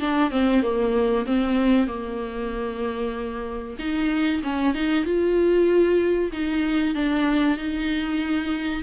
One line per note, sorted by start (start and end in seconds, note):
0.00 0.31 D4
0.31 0.63 C4
0.63 1.26 A#3
1.26 1.88 C4
1.88 3.77 A#3
3.79 4.42 D#4
4.44 4.75 C#4
4.75 5.05 D#4
5.05 6.32 F4
6.33 6.95 D#4
6.95 7.58 D4
7.58 8.83 D#4